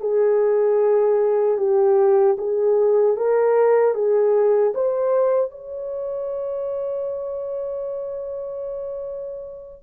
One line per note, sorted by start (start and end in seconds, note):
0.00 1.57 G#4
1.57 2.36 G4
2.38 3.16 G#4
3.16 3.94 A#4
3.94 4.73 G#4
4.74 5.50 C5
5.50 9.83 C#5